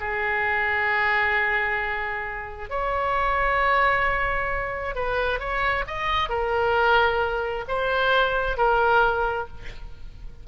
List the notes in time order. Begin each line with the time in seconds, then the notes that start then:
0.00 G#4
2.70 C#5
4.95 B4
5.40 C#5
5.87 D#5
6.30 A#4
7.68 C5
8.58 A#4